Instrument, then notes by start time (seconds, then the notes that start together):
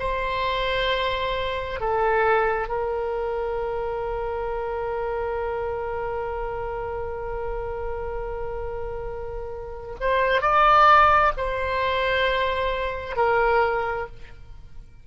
oboe
0.00 C5
1.81 A4
2.69 A#4
10.01 C5
10.42 D5
11.38 C5
13.17 A#4